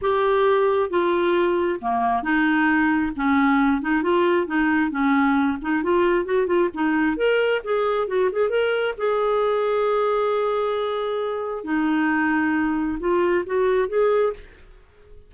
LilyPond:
\new Staff \with { instrumentName = "clarinet" } { \time 4/4 \tempo 4 = 134 g'2 f'2 | ais4 dis'2 cis'4~ | cis'8 dis'8 f'4 dis'4 cis'4~ | cis'8 dis'8 f'4 fis'8 f'8 dis'4 |
ais'4 gis'4 fis'8 gis'8 ais'4 | gis'1~ | gis'2 dis'2~ | dis'4 f'4 fis'4 gis'4 | }